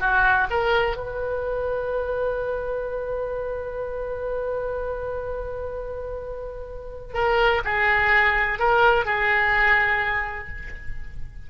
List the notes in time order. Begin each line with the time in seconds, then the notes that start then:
0.00 F#4
0.51 A#4
0.97 B4
7.14 A#4
7.65 G#4
8.59 A#4
9.06 G#4